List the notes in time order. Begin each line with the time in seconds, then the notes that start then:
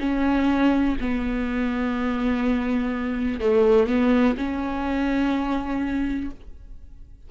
0.00 C#4
1.01 B3
3.40 A3
3.87 B3
4.37 C#4